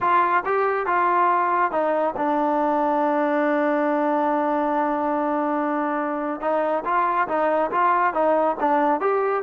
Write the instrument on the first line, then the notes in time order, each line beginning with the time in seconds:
trombone
0.00 F4
0.45 G4
0.86 F4
1.71 D#4
2.16 D4
6.41 D#4
6.84 F4
7.28 D#4
7.71 F4
8.13 D#4
8.59 D4
9.00 G4